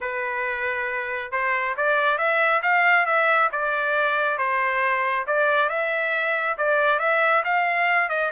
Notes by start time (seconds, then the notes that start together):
0.00 B4
1.31 C5
1.76 D5
2.18 E5
2.62 F5
3.06 E5
3.52 D5
4.38 C5
5.26 D5
5.69 E5
6.57 D5
6.99 E5
7.44 F5
8.09 D#5